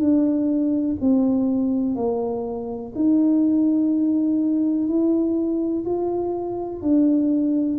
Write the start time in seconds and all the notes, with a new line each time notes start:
0.00 D4
1.01 C4
1.96 A#3
2.96 D#4
4.88 E4
5.85 F4
6.82 D4